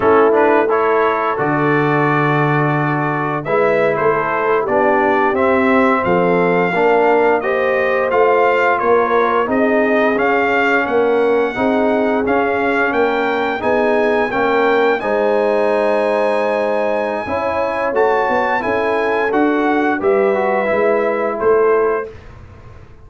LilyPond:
<<
  \new Staff \with { instrumentName = "trumpet" } { \time 4/4 \tempo 4 = 87 a'8 b'8 cis''4 d''2~ | d''4 e''8. c''4 d''4 e''16~ | e''8. f''2 dis''4 f''16~ | f''8. cis''4 dis''4 f''4 fis''16~ |
fis''4.~ fis''16 f''4 g''4 gis''16~ | gis''8. g''4 gis''2~ gis''16~ | gis''2 a''4 gis''4 | fis''4 e''2 c''4 | }
  \new Staff \with { instrumentName = "horn" } { \time 4/4 e'4 a'2.~ | a'4 b'8. a'4 g'4~ g'16~ | g'8. a'4 ais'4 c''4~ c''16~ | c''8. ais'4 gis'2 ais'16~ |
ais'8. gis'2 ais'4 gis'16~ | gis'8. ais'4 c''2~ c''16~ | c''4 cis''2 a'4~ | a'4 b'2 a'4 | }
  \new Staff \with { instrumentName = "trombone" } { \time 4/4 cis'8 d'8 e'4 fis'2~ | fis'4 e'4.~ e'16 d'4 c'16~ | c'4.~ c'16 d'4 g'4 f'16~ | f'4.~ f'16 dis'4 cis'4~ cis'16~ |
cis'8. dis'4 cis'2 dis'16~ | dis'8. cis'4 dis'2~ dis'16~ | dis'4 e'4 fis'4 e'4 | fis'4 g'8 fis'8 e'2 | }
  \new Staff \with { instrumentName = "tuba" } { \time 4/4 a2 d2~ | d4 gis8. a4 b4 c'16~ | c'8. f4 ais2 a16~ | a8. ais4 c'4 cis'4 ais16~ |
ais8. c'4 cis'4 ais4 b16~ | b8. ais4 gis2~ gis16~ | gis4 cis'4 a8 b8 cis'4 | d'4 g4 gis4 a4 | }
>>